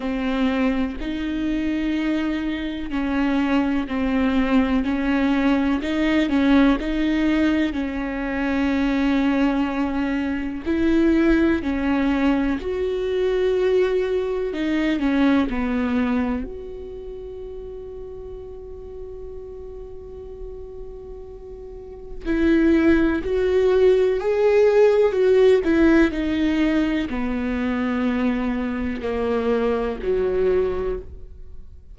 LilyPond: \new Staff \with { instrumentName = "viola" } { \time 4/4 \tempo 4 = 62 c'4 dis'2 cis'4 | c'4 cis'4 dis'8 cis'8 dis'4 | cis'2. e'4 | cis'4 fis'2 dis'8 cis'8 |
b4 fis'2.~ | fis'2. e'4 | fis'4 gis'4 fis'8 e'8 dis'4 | b2 ais4 fis4 | }